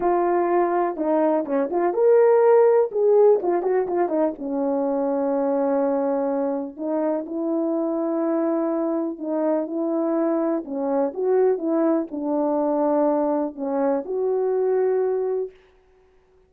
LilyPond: \new Staff \with { instrumentName = "horn" } { \time 4/4 \tempo 4 = 124 f'2 dis'4 cis'8 f'8 | ais'2 gis'4 f'8 fis'8 | f'8 dis'8 cis'2.~ | cis'2 dis'4 e'4~ |
e'2. dis'4 | e'2 cis'4 fis'4 | e'4 d'2. | cis'4 fis'2. | }